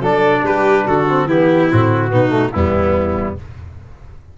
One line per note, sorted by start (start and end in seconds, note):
0.00 0.42 F#3
0.00 1.07 D4
0.00 0.42 A4
0.00 0.46 D5
0.43 0.84 G3
0.43 0.87 G4
0.43 0.87 B4
0.87 1.26 D3
0.87 1.28 F#4
0.87 1.29 A4
1.08 1.29 C4
1.26 1.67 E3
1.26 1.70 B3
1.26 2.11 E4
1.26 1.71 G4
1.70 2.13 A2
1.70 2.09 C4
1.70 2.52 F#4
2.09 2.54 B2
2.09 2.29 B3
2.09 2.53 D#4
2.29 2.49 A3
2.52 3.38 E2
2.52 3.38 G3
2.52 3.37 B3
2.52 3.35 E4